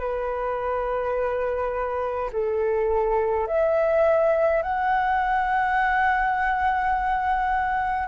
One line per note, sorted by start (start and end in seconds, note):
0.00 2.31 B4
2.33 3.48 A4
3.48 4.63 E5
4.63 8.08 F#5